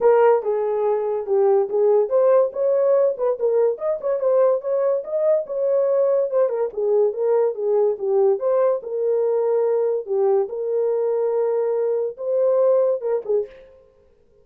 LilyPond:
\new Staff \with { instrumentName = "horn" } { \time 4/4 \tempo 4 = 143 ais'4 gis'2 g'4 | gis'4 c''4 cis''4. b'8 | ais'4 dis''8 cis''8 c''4 cis''4 | dis''4 cis''2 c''8 ais'8 |
gis'4 ais'4 gis'4 g'4 | c''4 ais'2. | g'4 ais'2.~ | ais'4 c''2 ais'8 gis'8 | }